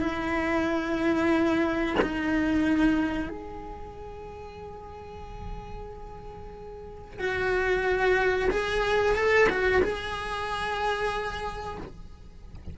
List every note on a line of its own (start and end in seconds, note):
0.00 1.96 E4
2.01 3.29 D#4
3.29 7.19 G#4
7.19 8.49 F#4
8.50 9.15 G#4
9.15 9.47 A4
9.49 9.82 F#4
9.82 11.77 G#4